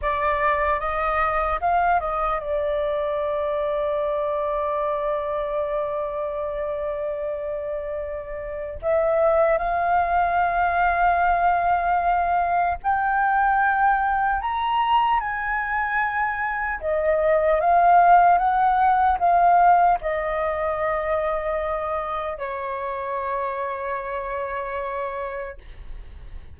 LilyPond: \new Staff \with { instrumentName = "flute" } { \time 4/4 \tempo 4 = 75 d''4 dis''4 f''8 dis''8 d''4~ | d''1~ | d''2. e''4 | f''1 |
g''2 ais''4 gis''4~ | gis''4 dis''4 f''4 fis''4 | f''4 dis''2. | cis''1 | }